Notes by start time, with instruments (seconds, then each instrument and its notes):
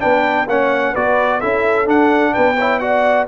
0.00 tuba B3, trombone D4, horn B4, trumpet G5
0.48 tuba A#3, trombone C#4, horn C#5, trumpet F#5
0.92 tuba B3, trombone F#4, horn B4, trumpet D5
1.40 tuba C#4, trombone E4, horn A4, trumpet E5
1.86 trombone D4, tuba D4, trumpet F#5
2.34 tuba B3, horn B4, trumpet G5
2.57 trombone E4, horn C#5
2.80 trombone F#4, horn D5, trumpet F#5